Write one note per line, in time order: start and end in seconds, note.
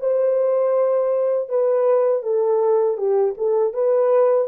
0.00 1.49 C5
1.49 2.22 B4
2.22 2.97 A4
2.97 3.35 G4
3.37 3.73 A4
3.73 4.48 B4